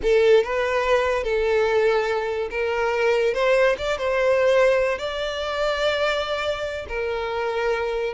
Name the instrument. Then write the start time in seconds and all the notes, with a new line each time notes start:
violin
0.02 A4
0.43 B4
1.23 A4
2.50 A#4
3.34 C5
3.78 D5
3.98 C5
4.98 D5
6.88 A#4